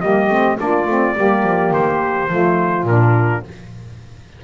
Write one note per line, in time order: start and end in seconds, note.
0.00 0.30 G3
0.00 0.30 A#3
0.00 0.57 G4
0.00 0.57 D#5
0.30 0.58 A3
0.30 0.58 C4
0.58 0.87 A#3
0.58 0.87 D4
0.58 1.16 F4
0.58 1.73 D5
0.87 1.15 A3
0.87 1.16 C4
1.16 1.43 G3
1.16 2.28 A#3
1.16 2.29 G4
1.43 1.71 F3
1.72 2.28 D#3
1.72 2.87 C5
2.28 2.84 F3
2.28 2.84 A3
2.28 3.44 F4
2.84 3.40 A#2
2.84 3.44 D4
2.84 3.44 A#4